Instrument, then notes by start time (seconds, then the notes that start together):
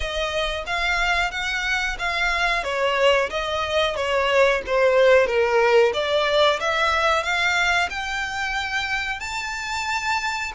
violin
0.00 D#5
0.66 F5
1.31 F#5
1.98 F5
2.63 C#5
3.30 D#5
3.96 C#5
4.66 C5
5.26 A#4
5.93 D5
6.60 E5
7.23 F5
7.89 G5
9.20 A5